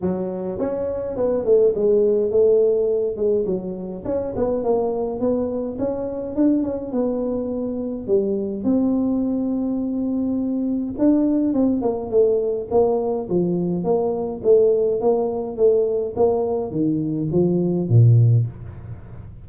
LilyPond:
\new Staff \with { instrumentName = "tuba" } { \time 4/4 \tempo 4 = 104 fis4 cis'4 b8 a8 gis4 | a4. gis8 fis4 cis'8 b8 | ais4 b4 cis'4 d'8 cis'8 | b2 g4 c'4~ |
c'2. d'4 | c'8 ais8 a4 ais4 f4 | ais4 a4 ais4 a4 | ais4 dis4 f4 ais,4 | }